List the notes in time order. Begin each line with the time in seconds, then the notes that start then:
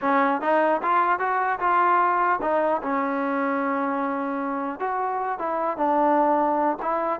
0.01 C#4
0.41 D#4
0.82 F4
1.19 F#4
1.59 F4
2.41 D#4
2.82 C#4
4.79 F#4
5.38 E4
5.77 D4
6.82 E4